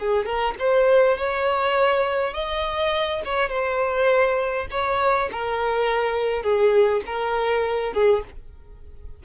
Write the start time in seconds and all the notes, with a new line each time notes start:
0.00 G#4
0.26 A#4
0.60 C5
1.18 C#5
2.34 D#5
3.25 C#5
3.49 C5
4.71 C#5
5.32 A#4
6.43 G#4
7.06 A#4
7.94 G#4